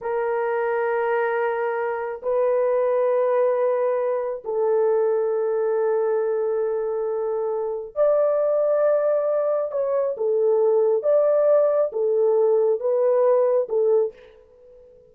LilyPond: \new Staff \with { instrumentName = "horn" } { \time 4/4 \tempo 4 = 136 ais'1~ | ais'4 b'2.~ | b'2 a'2~ | a'1~ |
a'2 d''2~ | d''2 cis''4 a'4~ | a'4 d''2 a'4~ | a'4 b'2 a'4 | }